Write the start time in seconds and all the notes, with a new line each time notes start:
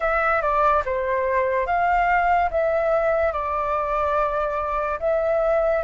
0.00 E5
0.41 D5
0.85 C5
1.66 F5
2.50 E5
3.32 D5
4.99 E5